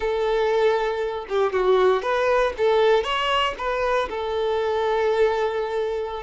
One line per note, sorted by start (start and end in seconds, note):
0.00 1.26 A4
1.28 1.52 G4
1.52 2.02 F#4
2.02 2.53 B4
2.57 3.03 A4
3.03 3.54 C#5
3.57 4.08 B4
4.09 6.23 A4